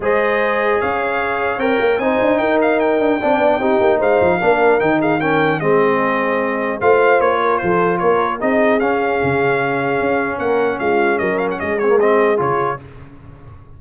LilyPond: <<
  \new Staff \with { instrumentName = "trumpet" } { \time 4/4 \tempo 4 = 150 dis''2 f''2 | g''4 gis''4 g''8 f''8 g''4~ | g''2 f''2 | g''8 f''8 g''4 dis''2~ |
dis''4 f''4 cis''4 c''4 | cis''4 dis''4 f''2~ | f''2 fis''4 f''4 | dis''8 f''16 fis''16 dis''8 cis''8 dis''4 cis''4 | }
  \new Staff \with { instrumentName = "horn" } { \time 4/4 c''2 cis''2~ | cis''4 c''4 ais'2 | d''4 g'4 c''4 ais'4~ | ais'8 gis'8 ais'4 gis'2~ |
gis'4 c''4. ais'8 a'4 | ais'4 gis'2.~ | gis'2 ais'4 f'4 | ais'4 gis'2. | }
  \new Staff \with { instrumentName = "trombone" } { \time 4/4 gis'1 | ais'4 dis'2. | d'4 dis'2 d'4 | dis'4 cis'4 c'2~ |
c'4 f'2.~ | f'4 dis'4 cis'2~ | cis'1~ | cis'4. c'16 ais16 c'4 f'4 | }
  \new Staff \with { instrumentName = "tuba" } { \time 4/4 gis2 cis'2 | c'8 ais8 c'8 d'8 dis'4. d'8 | c'8 b8 c'8 ais8 gis8 f8 ais4 | dis2 gis2~ |
gis4 a4 ais4 f4 | ais4 c'4 cis'4 cis4~ | cis4 cis'4 ais4 gis4 | fis4 gis2 cis4 | }
>>